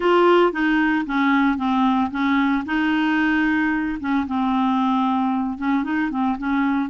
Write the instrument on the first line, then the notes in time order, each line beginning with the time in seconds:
clarinet
0.00 F4
0.52 D#4
1.06 C#4
1.57 C4
2.10 C#4
2.65 D#4
4.00 C#4
4.26 C4
5.58 C#4
5.83 D#4
6.10 C4
6.38 C#4